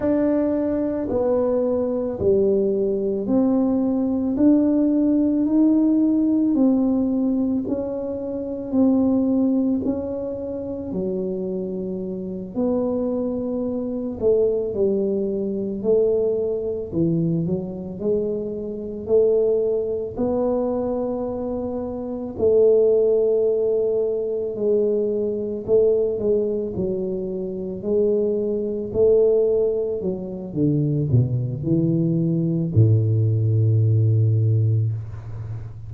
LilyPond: \new Staff \with { instrumentName = "tuba" } { \time 4/4 \tempo 4 = 55 d'4 b4 g4 c'4 | d'4 dis'4 c'4 cis'4 | c'4 cis'4 fis4. b8~ | b4 a8 g4 a4 e8 |
fis8 gis4 a4 b4.~ | b8 a2 gis4 a8 | gis8 fis4 gis4 a4 fis8 | d8 b,8 e4 a,2 | }